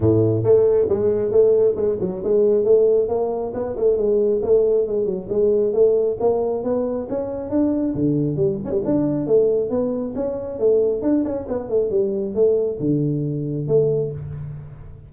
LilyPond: \new Staff \with { instrumentName = "tuba" } { \time 4/4 \tempo 4 = 136 a,4 a4 gis4 a4 | gis8 fis8 gis4 a4 ais4 | b8 a8 gis4 a4 gis8 fis8 | gis4 a4 ais4 b4 |
cis'4 d'4 d4 g8 cis'16 g16 | d'4 a4 b4 cis'4 | a4 d'8 cis'8 b8 a8 g4 | a4 d2 a4 | }